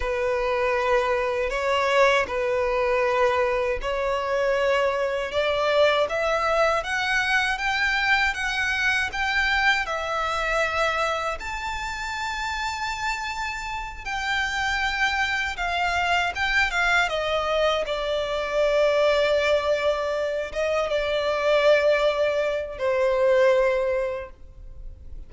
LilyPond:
\new Staff \with { instrumentName = "violin" } { \time 4/4 \tempo 4 = 79 b'2 cis''4 b'4~ | b'4 cis''2 d''4 | e''4 fis''4 g''4 fis''4 | g''4 e''2 a''4~ |
a''2~ a''8 g''4.~ | g''8 f''4 g''8 f''8 dis''4 d''8~ | d''2. dis''8 d''8~ | d''2 c''2 | }